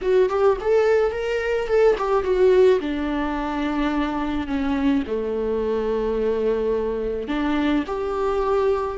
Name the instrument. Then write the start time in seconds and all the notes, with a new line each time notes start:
viola
0.01 F#4
0.29 G4
0.60 A4
1.11 A#4
1.67 A4
1.98 G4
2.23 F#4
2.80 D4
4.47 C#4
5.06 A3
7.28 D4
7.86 G4